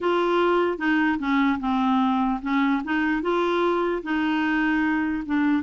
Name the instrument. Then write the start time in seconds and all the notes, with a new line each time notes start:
clarinet
0.00 F4
0.78 D#4
1.18 C#4
1.59 C4
2.42 C#4
2.84 D#4
3.22 F4
4.02 D#4
5.25 D4